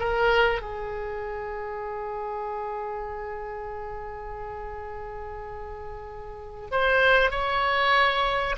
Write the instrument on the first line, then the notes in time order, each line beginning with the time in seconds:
oboe
0.00 A#4
0.62 G#4
6.72 C5
7.31 C#5